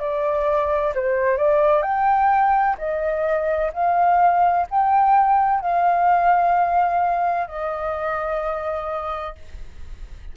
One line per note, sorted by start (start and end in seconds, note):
0.00 0.94 D5
0.95 1.38 C5
1.38 1.83 D5
1.83 2.77 G5
2.78 3.72 D#5
3.73 4.67 F5
4.71 5.61 G5
5.61 7.48 F5
7.48 9.35 D#5